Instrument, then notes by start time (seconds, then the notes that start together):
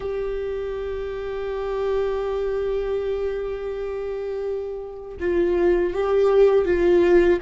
viola
0.00 G4
5.20 F4
5.93 G4
6.65 F4